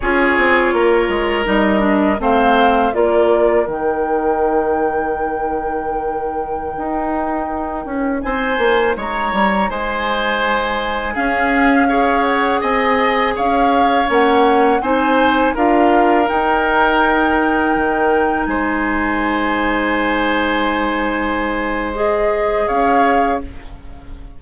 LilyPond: <<
  \new Staff \with { instrumentName = "flute" } { \time 4/4 \tempo 4 = 82 cis''2 dis''4 f''4 | d''4 g''2.~ | g''2.~ g''16 gis''8.~ | gis''16 ais''4 gis''2 f''8.~ |
f''8. fis''8 gis''4 f''4 fis''8.~ | fis''16 gis''4 f''4 g''4.~ g''16~ | g''4~ g''16 gis''2~ gis''8.~ | gis''2 dis''4 f''4 | }
  \new Staff \with { instrumentName = "oboe" } { \time 4/4 gis'4 ais'2 c''4 | ais'1~ | ais'2.~ ais'16 c''8.~ | c''16 cis''4 c''2 gis'8.~ |
gis'16 cis''4 dis''4 cis''4.~ cis''16~ | cis''16 c''4 ais'2~ ais'8.~ | ais'4~ ais'16 c''2~ c''8.~ | c''2. cis''4 | }
  \new Staff \with { instrumentName = "clarinet" } { \time 4/4 f'2 dis'8 d'8 c'4 | f'4 dis'2.~ | dis'1~ | dis'2.~ dis'16 cis'8.~ |
cis'16 gis'2. cis'8.~ | cis'16 dis'4 f'4 dis'4.~ dis'16~ | dis'1~ | dis'2 gis'2 | }
  \new Staff \with { instrumentName = "bassoon" } { \time 4/4 cis'8 c'8 ais8 gis8 g4 a4 | ais4 dis2.~ | dis4~ dis16 dis'4. cis'8 c'8 ais16~ | ais16 gis8 g8 gis2 cis'8.~ |
cis'4~ cis'16 c'4 cis'4 ais8.~ | ais16 c'4 d'4 dis'4.~ dis'16~ | dis'16 dis4 gis2~ gis8.~ | gis2. cis'4 | }
>>